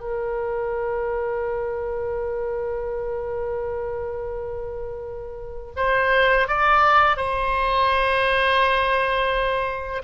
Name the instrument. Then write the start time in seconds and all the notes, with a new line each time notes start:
oboe
0.00 A#4
5.76 C5
6.48 D5
7.16 C5